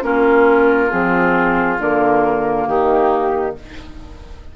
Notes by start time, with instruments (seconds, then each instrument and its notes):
0.00 bassoon A#3, clarinet C#4, oboe F4, flute A#4
0.90 bassoon F3, clarinet C4, flute G#4
1.78 bassoon D3, clarinet A#3, flute A#4
2.67 bassoon D#3, oboe D#4, flute G4